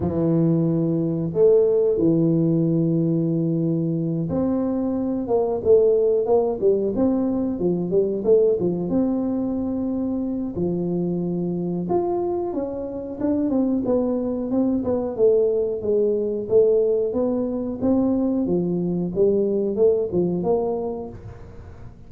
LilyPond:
\new Staff \with { instrumentName = "tuba" } { \time 4/4 \tempo 4 = 91 e2 a4 e4~ | e2~ e8 c'4. | ais8 a4 ais8 g8 c'4 f8 | g8 a8 f8 c'2~ c'8 |
f2 f'4 cis'4 | d'8 c'8 b4 c'8 b8 a4 | gis4 a4 b4 c'4 | f4 g4 a8 f8 ais4 | }